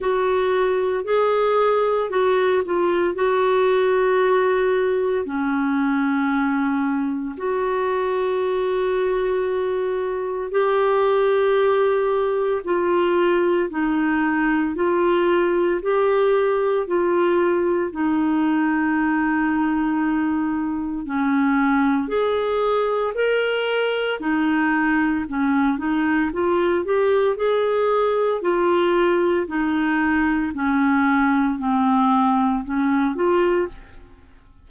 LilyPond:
\new Staff \with { instrumentName = "clarinet" } { \time 4/4 \tempo 4 = 57 fis'4 gis'4 fis'8 f'8 fis'4~ | fis'4 cis'2 fis'4~ | fis'2 g'2 | f'4 dis'4 f'4 g'4 |
f'4 dis'2. | cis'4 gis'4 ais'4 dis'4 | cis'8 dis'8 f'8 g'8 gis'4 f'4 | dis'4 cis'4 c'4 cis'8 f'8 | }